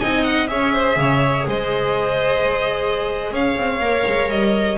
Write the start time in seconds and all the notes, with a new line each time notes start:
0.00 C4 D#4 D#5 G#5
0.24 F#5
0.48 C#4 G#4 C#5 E5
0.74 C5
0.97 C#3 C#5
1.48 G#3 C5 D#5
3.32 C#4 C#5 F5
3.57 C4
3.80 A#3 A#4
4.07 G#3
4.30 G3 D#5